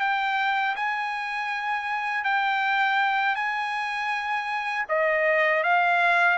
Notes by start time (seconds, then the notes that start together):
0.00 G5
0.75 G#5
2.24 G5
3.35 G#5
4.88 D#5
5.63 F5